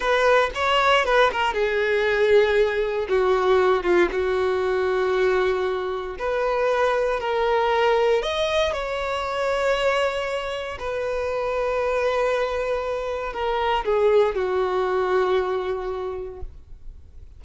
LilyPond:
\new Staff \with { instrumentName = "violin" } { \time 4/4 \tempo 4 = 117 b'4 cis''4 b'8 ais'8 gis'4~ | gis'2 fis'4. f'8 | fis'1 | b'2 ais'2 |
dis''4 cis''2.~ | cis''4 b'2.~ | b'2 ais'4 gis'4 | fis'1 | }